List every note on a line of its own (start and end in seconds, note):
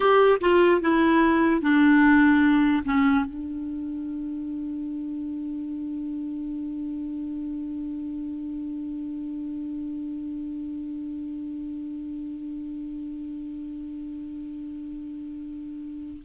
0.00 0.38 G4
0.41 0.81 F4
0.81 1.61 E4
1.61 2.83 D4
2.85 3.25 C#4
3.25 16.22 D4